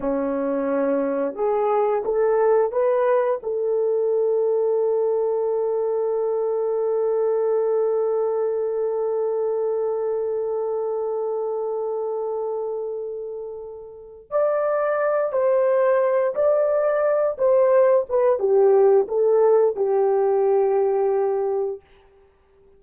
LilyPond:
\new Staff \with { instrumentName = "horn" } { \time 4/4 \tempo 4 = 88 cis'2 gis'4 a'4 | b'4 a'2.~ | a'1~ | a'1~ |
a'1~ | a'4 d''4. c''4. | d''4. c''4 b'8 g'4 | a'4 g'2. | }